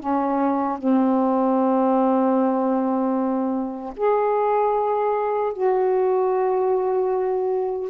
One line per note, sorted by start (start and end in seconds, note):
0.00 0.78 C#4
0.78 3.94 C4
3.97 5.53 G#4
5.53 7.90 F#4